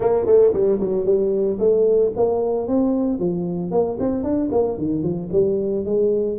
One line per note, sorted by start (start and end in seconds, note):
0.00 0.26 A#3
0.26 0.52 A3
0.53 0.79 G3
0.79 1.05 F#3
1.05 1.58 G3
1.59 2.12 A3
2.16 2.67 A#3
2.67 3.19 C4
3.19 3.71 F3
3.71 3.97 A#3
3.99 4.23 C4
4.23 4.50 D4
4.51 4.78 A#3
4.78 5.02 D#3
5.02 5.29 F3
5.32 5.85 G3
5.85 6.38 G#3